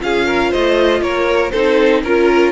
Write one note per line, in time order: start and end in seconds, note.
0.00 0.54 C#4
0.00 1.51 F4
0.00 0.27 G#4
0.00 0.53 F5
0.27 0.51 A#4
0.51 1.02 A3
0.51 1.01 C5
0.51 1.03 D#5
1.02 1.52 A#3
1.02 1.53 A#4
1.02 1.51 C#5
1.51 2.04 C4
1.51 2.06 D#4
1.51 2.03 A4
1.51 2.01 C5
2.04 2.52 C#4
2.04 2.52 F4
2.04 2.52 A#4